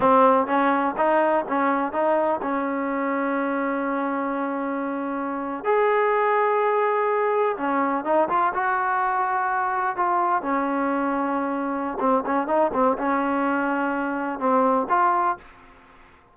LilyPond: \new Staff \with { instrumentName = "trombone" } { \time 4/4 \tempo 4 = 125 c'4 cis'4 dis'4 cis'4 | dis'4 cis'2.~ | cis'2.~ cis'8. gis'16~ | gis'2.~ gis'8. cis'16~ |
cis'8. dis'8 f'8 fis'2~ fis'16~ | fis'8. f'4 cis'2~ cis'16~ | cis'4 c'8 cis'8 dis'8 c'8 cis'4~ | cis'2 c'4 f'4 | }